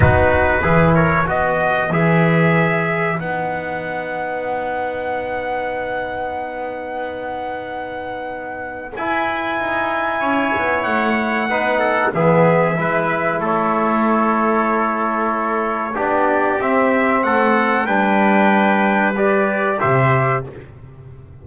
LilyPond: <<
  \new Staff \with { instrumentName = "trumpet" } { \time 4/4 \tempo 4 = 94 b'4. cis''8 dis''4 e''4~ | e''4 fis''2.~ | fis''1~ | fis''2 gis''2~ |
gis''4 fis''2 e''4~ | e''4 cis''2.~ | cis''4 d''4 e''4 fis''4 | g''2 d''4 e''4 | }
  \new Staff \with { instrumentName = "trumpet" } { \time 4/4 fis'4 gis'8 ais'8 b'2~ | b'1~ | b'1~ | b'1 |
cis''2 b'8 a'8 gis'4 | b'4 a'2.~ | a'4 g'2 a'4 | b'2. c''4 | }
  \new Staff \with { instrumentName = "trombone" } { \time 4/4 dis'4 e'4 fis'4 gis'4~ | gis'4 dis'2.~ | dis'1~ | dis'2 e'2~ |
e'2 dis'4 b4 | e'1~ | e'4 d'4 c'2 | d'2 g'2 | }
  \new Staff \with { instrumentName = "double bass" } { \time 4/4 b4 e4 b4 e4~ | e4 b2.~ | b1~ | b2 e'4 dis'4 |
cis'8 b8 a4 b4 e4 | gis4 a2.~ | a4 b4 c'4 a4 | g2. c4 | }
>>